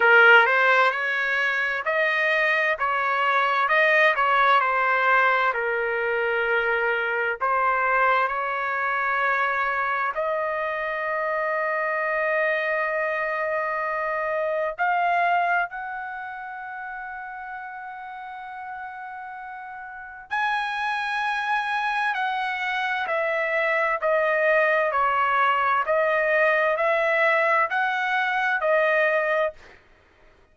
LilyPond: \new Staff \with { instrumentName = "trumpet" } { \time 4/4 \tempo 4 = 65 ais'8 c''8 cis''4 dis''4 cis''4 | dis''8 cis''8 c''4 ais'2 | c''4 cis''2 dis''4~ | dis''1 |
f''4 fis''2.~ | fis''2 gis''2 | fis''4 e''4 dis''4 cis''4 | dis''4 e''4 fis''4 dis''4 | }